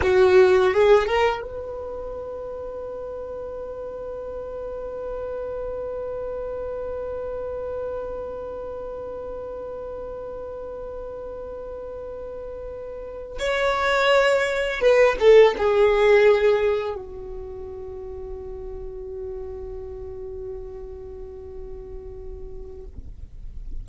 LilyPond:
\new Staff \with { instrumentName = "violin" } { \time 4/4 \tempo 4 = 84 fis'4 gis'8 ais'8 b'2~ | b'1~ | b'1~ | b'1~ |
b'2~ b'8. cis''4~ cis''16~ | cis''8. b'8 a'8 gis'2 fis'16~ | fis'1~ | fis'1 | }